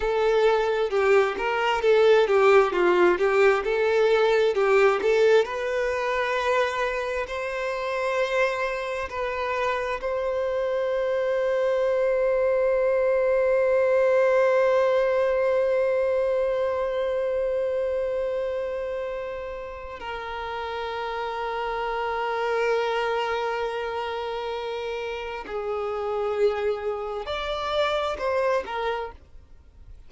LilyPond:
\new Staff \with { instrumentName = "violin" } { \time 4/4 \tempo 4 = 66 a'4 g'8 ais'8 a'8 g'8 f'8 g'8 | a'4 g'8 a'8 b'2 | c''2 b'4 c''4~ | c''1~ |
c''1~ | c''2 ais'2~ | ais'1 | gis'2 d''4 c''8 ais'8 | }